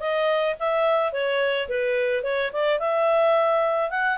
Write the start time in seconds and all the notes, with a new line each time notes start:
0.00 D#5
0.59 E5
1.13 C#5
1.69 B4
2.23 C#5
2.53 D5
2.79 E5
3.90 F#5